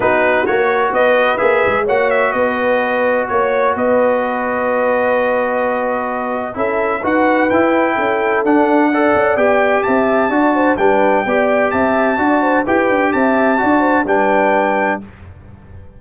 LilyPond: <<
  \new Staff \with { instrumentName = "trumpet" } { \time 4/4 \tempo 4 = 128 b'4 cis''4 dis''4 e''4 | fis''8 e''8 dis''2 cis''4 | dis''1~ | dis''2 e''4 fis''4 |
g''2 fis''2 | g''4 a''2 g''4~ | g''4 a''2 g''4 | a''2 g''2 | }
  \new Staff \with { instrumentName = "horn" } { \time 4/4 fis'2 b'2 | cis''4 b'2 cis''4 | b'1~ | b'2 a'4 b'4~ |
b'4 a'2 d''4~ | d''4 e''4 d''8 c''8 b'4 | d''4 e''4 d''8 c''8 b'4 | e''4 d''8 c''8 b'2 | }
  \new Staff \with { instrumentName = "trombone" } { \time 4/4 dis'4 fis'2 gis'4 | fis'1~ | fis'1~ | fis'2 e'4 fis'4 |
e'2 d'4 a'4 | g'2 fis'4 d'4 | g'2 fis'4 g'4~ | g'4 fis'4 d'2 | }
  \new Staff \with { instrumentName = "tuba" } { \time 4/4 b4 ais4 b4 ais8 gis8 | ais4 b2 ais4 | b1~ | b2 cis'4 dis'4 |
e'4 cis'4 d'4. cis'8 | b4 c'4 d'4 g4 | b4 c'4 d'4 e'8 d'8 | c'4 d'4 g2 | }
>>